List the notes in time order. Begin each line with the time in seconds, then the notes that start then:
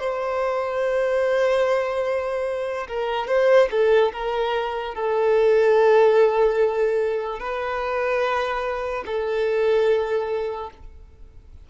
0.00 C5
2.88 A#4
3.28 C5
3.71 A4
4.12 A#4
4.95 A4
7.39 B4
9.06 A4